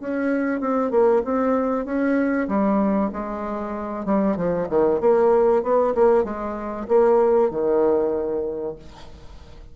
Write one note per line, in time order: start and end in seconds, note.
0.00 0.61 C#4
0.61 0.91 C4
0.91 1.22 A#3
1.24 1.85 C4
1.85 2.48 C#4
2.48 3.10 G3
3.13 4.05 G#3
4.05 4.36 G3
4.36 4.68 F3
4.69 5.01 D#3
5.01 5.63 A#3
5.63 5.94 B3
5.95 6.24 A#3
6.24 6.87 G#3
6.88 7.51 A#3
7.51 8.76 D#3